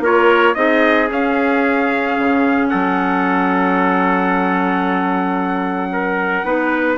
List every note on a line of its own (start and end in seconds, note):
0.00 0.54 A#3
0.00 0.54 F4
0.00 0.56 A#4
0.00 0.54 C#5
0.54 1.09 C4
0.54 1.08 D#4
0.54 2.70 G#4
0.54 1.08 D#5
1.10 2.17 C#4
1.10 6.45 C#4
1.10 2.68 F5
2.19 2.72 C#3
2.68 6.43 F#3
2.68 5.91 A4
2.68 6.97 F#5
5.92 6.45 A#4
6.43 6.97 B3
6.43 6.97 D#4
6.43 6.97 B4